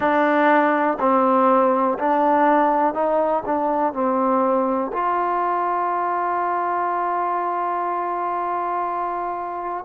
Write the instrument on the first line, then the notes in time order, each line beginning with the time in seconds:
trombone
0.00 D4
0.99 C4
1.99 D4
2.93 D#4
3.45 D4
3.93 C4
4.92 F4